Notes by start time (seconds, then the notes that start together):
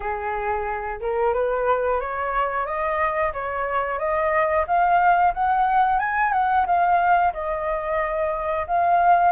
0.00 G#4
1.00 A#4
1.33 B4
2.00 C#5
2.65 D#5
3.33 C#5
3.98 D#5
4.67 F5
5.34 F#5
5.99 G#5
6.32 F#5
6.66 F5
7.33 D#5
8.67 F5